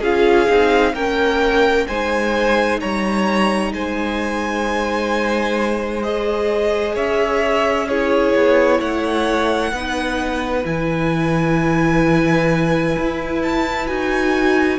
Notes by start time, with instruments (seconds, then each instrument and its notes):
0.00 cello C#4, viola F4, violin G#4 F5
0.48 cello C4, viola D#4
0.93 cello A#3, viola C#4, violin A#4 G5
1.87 cello G#3, viola D#4, violin C5 G#5
2.80 cello G3, violin C#5 A#5
3.72 cello G#3, violin C5 G#5
6.02 viola G#4, violin D#5
6.94 cello C#4, violin C#5 E5
7.88 viola E4, violin G#4 C#5
8.35 cello B3
8.78 cello A3, violin C#5 F#5
9.72 cello B3, viola D#4, violin B4
10.64 cello E3, viola E4, violin G#5
12.97 cello E4
13.42 violin A5
13.87 cello D#4, viola F#4, violin G#5